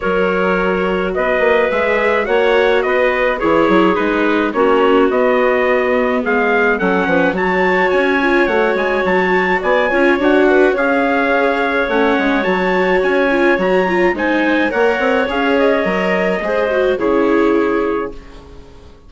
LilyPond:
<<
  \new Staff \with { instrumentName = "trumpet" } { \time 4/4 \tempo 4 = 106 cis''2 dis''4 e''4 | fis''4 dis''4 cis''4 b'4 | cis''4 dis''2 f''4 | fis''4 a''4 gis''4 fis''8 gis''8 |
a''4 gis''4 fis''4 f''4~ | f''4 fis''4 a''4 gis''4 | ais''4 gis''4 fis''4 f''8 dis''8~ | dis''2 cis''2 | }
  \new Staff \with { instrumentName = "clarinet" } { \time 4/4 ais'2 b'2 | cis''4 b'4 gis'2 | fis'2. gis'4 | a'8 b'8 cis''2.~ |
cis''4 d''8 cis''4 b'8 cis''4~ | cis''1~ | cis''4 c''4 cis''2~ | cis''4 c''4 gis'2 | }
  \new Staff \with { instrumentName = "viola" } { \time 4/4 fis'2. gis'4 | fis'2 e'4 dis'4 | cis'4 b2. | cis'4 fis'4. f'8 fis'4~ |
fis'4. f'8 fis'4 gis'4~ | gis'4 cis'4 fis'4. f'8 | fis'8 f'8 dis'4 ais'4 gis'4 | ais'4 gis'8 fis'8 e'2 | }
  \new Staff \with { instrumentName = "bassoon" } { \time 4/4 fis2 b8 ais8 gis4 | ais4 b4 e8 fis8 gis4 | ais4 b2 gis4 | fis8 f8 fis4 cis'4 a8 gis8 |
fis4 b8 cis'8 d'4 cis'4~ | cis'4 a8 gis8 fis4 cis'4 | fis4 gis4 ais8 c'8 cis'4 | fis4 gis4 cis2 | }
>>